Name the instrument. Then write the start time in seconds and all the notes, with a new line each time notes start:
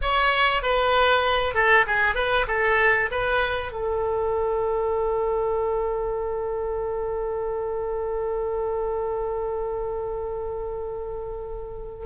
oboe
0.01 C#5
0.62 B4
1.54 A4
1.86 G#4
2.15 B4
2.47 A4
3.11 B4
3.71 A4